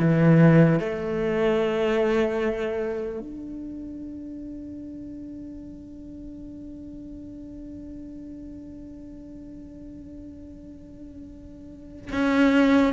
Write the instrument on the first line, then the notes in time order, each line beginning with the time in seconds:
cello
0.00 E3
0.80 A3
3.20 D4
12.13 C#4